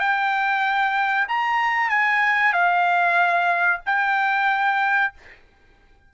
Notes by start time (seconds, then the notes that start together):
0.00 G5
1.29 A#5
1.89 G#5
2.53 F5
3.86 G5